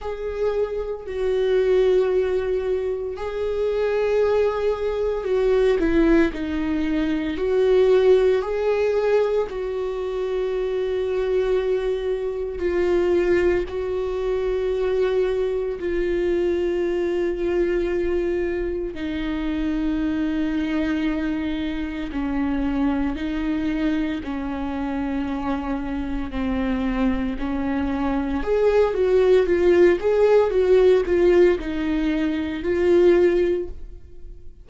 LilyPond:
\new Staff \with { instrumentName = "viola" } { \time 4/4 \tempo 4 = 57 gis'4 fis'2 gis'4~ | gis'4 fis'8 e'8 dis'4 fis'4 | gis'4 fis'2. | f'4 fis'2 f'4~ |
f'2 dis'2~ | dis'4 cis'4 dis'4 cis'4~ | cis'4 c'4 cis'4 gis'8 fis'8 | f'8 gis'8 fis'8 f'8 dis'4 f'4 | }